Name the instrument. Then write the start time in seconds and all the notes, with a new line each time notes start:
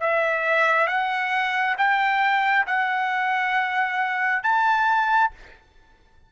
trumpet
0.00 E5
0.87 F#5
1.77 G5
2.66 F#5
4.42 A5